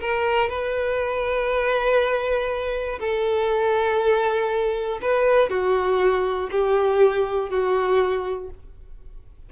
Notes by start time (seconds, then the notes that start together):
0.00 A#4
0.49 B4
2.99 A4
5.01 B4
5.49 F#4
6.51 G4
7.49 F#4